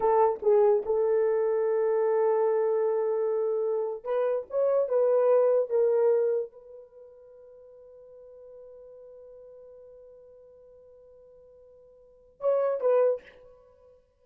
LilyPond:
\new Staff \with { instrumentName = "horn" } { \time 4/4 \tempo 4 = 145 a'4 gis'4 a'2~ | a'1~ | a'4.~ a'16 b'4 cis''4 b'16~ | b'4.~ b'16 ais'2 b'16~ |
b'1~ | b'1~ | b'1~ | b'2 cis''4 b'4 | }